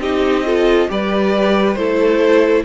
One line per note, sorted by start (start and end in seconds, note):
0.00 0.88 C4
0.00 0.46 D#4
0.00 0.45 G4
0.00 0.91 D#5
0.46 0.89 F4
0.46 0.90 A4
0.89 1.76 G3
0.89 1.77 G4
0.89 1.79 B4
0.89 1.75 D5
1.75 2.64 A3
1.75 2.65 E4
1.75 2.65 A4
1.75 2.63 C5